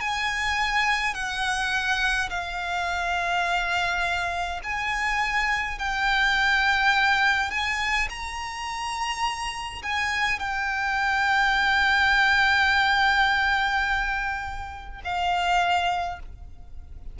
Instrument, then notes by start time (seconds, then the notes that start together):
violin
0.00 G#5
1.14 F#5
2.29 F5
4.63 G#5
5.78 G5
7.50 G#5
8.09 A#5
9.82 G#5
10.39 G5
15.04 F5